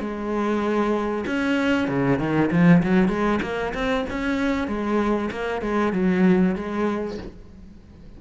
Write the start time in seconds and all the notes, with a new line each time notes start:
0.00 G#3
1.26 C#4
1.88 C#3
2.19 D#3
2.51 F3
2.83 F#3
3.09 G#3
3.42 A#3
3.74 C4
4.10 C#4
4.68 G#3
5.31 A#3
5.62 G#3
5.93 F#3
6.55 G#3